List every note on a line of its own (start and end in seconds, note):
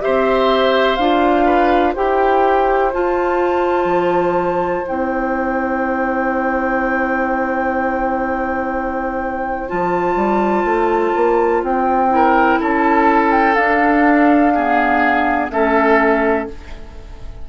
0.00 0.98 C4
0.00 0.97 G4
0.00 1.45 C5
0.00 0.96 E5
0.96 1.94 D4
0.96 1.95 F4
0.96 1.93 F5
1.45 1.93 B4
1.93 2.94 E4
1.93 2.92 G4
1.93 12.09 C5
1.93 2.92 G5
2.92 4.83 F4
2.92 3.84 F4
2.92 4.86 A5
3.84 4.81 F3
4.83 9.71 C4
4.83 9.67 E4
4.83 9.69 G5
9.68 10.15 F3
9.68 12.09 F4
9.68 11.62 A5
10.15 10.64 G3
10.64 11.13 A3
11.15 11.62 A#3
11.62 12.59 C4
11.62 12.60 G5
12.09 13.54 E4
12.09 12.59 A#4
12.59 13.56 C#4
12.59 14.53 A4
12.59 13.31 A5
13.31 13.54 G5
13.54 15.50 D4
13.54 14.53 D4
13.54 15.48 F5
14.54 15.51 B3
14.54 15.51 G#4
15.50 16.47 A3
15.50 16.48 C#4
15.50 16.49 A4
15.50 16.47 E5